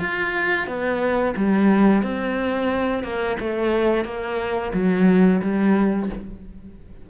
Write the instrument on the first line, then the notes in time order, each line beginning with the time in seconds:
cello
0.00 F4
0.67 B3
1.36 G3
2.03 C4
3.03 A#3
3.40 A3
4.05 A#3
4.73 F#3
5.42 G3